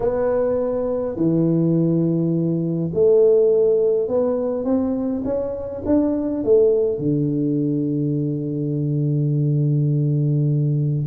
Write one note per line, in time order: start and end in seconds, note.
0.00 1.16 B3
1.16 2.90 E3
2.93 4.08 A3
4.08 4.64 B3
4.64 5.22 C4
5.24 5.82 C#4
5.85 6.43 D4
6.43 6.98 A3
6.98 11.06 D3